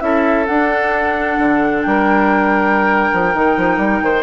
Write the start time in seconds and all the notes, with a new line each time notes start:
0.00 C#4 E4 A4 E5
0.47 D4 F#5
1.38 D3
1.83 G3 A#4 G5
3.13 F3
3.34 D#3 D#4
3.57 F3
3.77 G3
4.02 D#3 C5